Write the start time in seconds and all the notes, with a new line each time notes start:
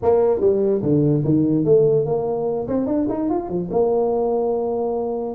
0.02 A#3
0.40 G3
0.82 D3
1.24 D#3
1.65 A3
2.05 A#3
2.67 C4
2.86 D4
3.09 D#4
3.29 F4
3.49 F3
3.70 A#3